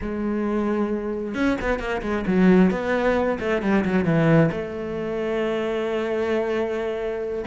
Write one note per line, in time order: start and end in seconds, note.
0.01 1.34 G#3
1.34 1.57 C#4
1.61 1.79 B3
1.79 2.01 A#3
2.02 2.24 G#3
2.26 2.70 F#3
2.70 3.38 B3
3.39 3.62 A3
3.62 3.84 G3
3.84 4.04 F#3
4.04 4.49 E3
4.51 7.45 A3